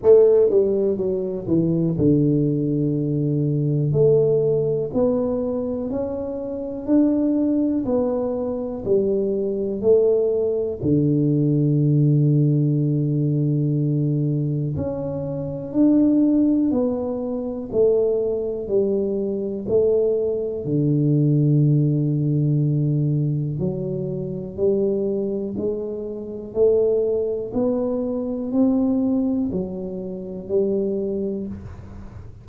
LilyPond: \new Staff \with { instrumentName = "tuba" } { \time 4/4 \tempo 4 = 61 a8 g8 fis8 e8 d2 | a4 b4 cis'4 d'4 | b4 g4 a4 d4~ | d2. cis'4 |
d'4 b4 a4 g4 | a4 d2. | fis4 g4 gis4 a4 | b4 c'4 fis4 g4 | }